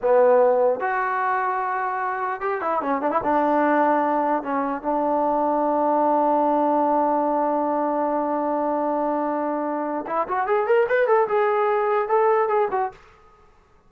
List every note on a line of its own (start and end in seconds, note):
0.02 0.80 B3
0.80 2.41 F#4
2.41 2.61 G4
2.61 2.81 E4
2.81 3.01 C#4
3.01 3.11 D4
3.11 3.21 E4
3.23 4.42 D4
4.42 4.82 C#4
4.82 10.05 D4
10.07 10.27 E4
10.27 10.46 F#4
10.46 10.66 G#4
10.66 10.87 A#4
10.88 11.07 B4
11.07 11.27 A4
11.28 12.08 G#4
12.08 12.48 A4
12.48 12.68 G#4
12.71 12.91 F#4